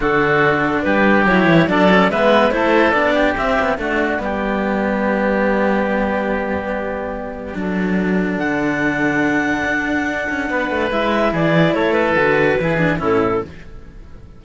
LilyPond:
<<
  \new Staff \with { instrumentName = "clarinet" } { \time 4/4 \tempo 4 = 143 a'2 b'4 cis''4 | d''4 e''4 c''4 d''4 | e''4 d''2.~ | d''1~ |
d''1 | fis''1~ | fis''2 e''4 d''4 | cis''8 b'2~ b'8 a'4 | }
  \new Staff \with { instrumentName = "oboe" } { \time 4/4 fis'2 g'2 | a'4 b'4 a'4. g'8~ | g'4 fis'4 g'2~ | g'1~ |
g'2 a'2~ | a'1~ | a'4 b'2 gis'4 | a'2 gis'4 e'4 | }
  \new Staff \with { instrumentName = "cello" } { \time 4/4 d'2. e'4 | d'8 cis'8 b4 e'4 d'4 | c'8 b8 a4 b2~ | b1~ |
b2 d'2~ | d'1~ | d'2 e'2~ | e'4 fis'4 e'8 d'8 cis'4 | }
  \new Staff \with { instrumentName = "cello" } { \time 4/4 d2 g4 fis8 e8 | fis4 gis4 a4 b4 | c'4 d'4 g2~ | g1~ |
g2 fis2 | d2. d'4~ | d'8 cis'8 b8 a8 gis4 e4 | a4 d4 e4 a,4 | }
>>